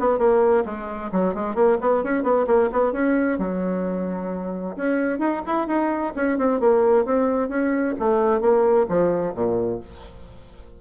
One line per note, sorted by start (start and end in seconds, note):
0.00 0.19 B3
0.19 0.65 A#3
0.66 1.12 G#3
1.13 1.35 F#3
1.35 1.55 G#3
1.55 1.78 A#3
1.81 2.04 B3
2.04 2.24 C#4
2.24 2.46 B3
2.47 2.70 A#3
2.73 2.93 B3
2.93 3.39 C#4
3.39 4.77 F#3
4.77 5.19 C#4
5.19 5.42 D#4
5.47 5.68 E4
5.68 6.14 D#4
6.16 6.39 C#4
6.39 6.61 C4
6.61 7.06 A#3
7.06 7.49 C4
7.49 7.95 C#4
8.00 8.41 A3
8.41 8.87 A#3
8.89 9.35 F3
9.35 9.81 A#2